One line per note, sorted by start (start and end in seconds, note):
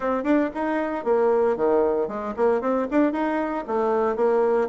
0.00 0.23 C4
0.23 0.49 D4
0.54 1.04 D#4
1.04 1.56 A#3
1.56 2.08 D#3
2.08 2.34 G#3
2.36 2.61 A#3
2.61 2.87 C4
2.90 3.12 D4
3.12 3.64 D#4
3.67 4.16 A3
4.16 4.68 A#3